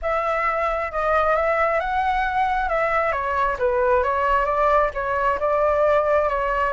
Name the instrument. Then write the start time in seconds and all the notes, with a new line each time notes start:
flute
0.02 E5
0.91 D#5
1.36 E5
1.80 F#5
2.69 E5
3.12 C#5
3.58 B4
4.03 C#5
4.45 D5
4.94 C#5
5.39 D5
6.28 C#5